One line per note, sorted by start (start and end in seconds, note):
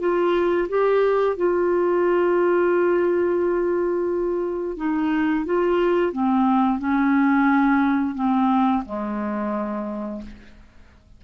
0.00 0.68 F4
0.69 1.36 G4
1.36 4.77 F4
4.77 5.45 D#4
5.45 6.13 F4
6.13 6.79 C4
6.79 8.15 C#4
8.15 8.83 C4
8.86 10.22 G#3